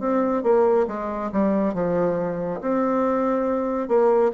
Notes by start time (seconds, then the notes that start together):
0.00 C4
0.43 A#3
0.88 G#3
1.32 G3
1.74 F3
2.61 C4
3.88 A#3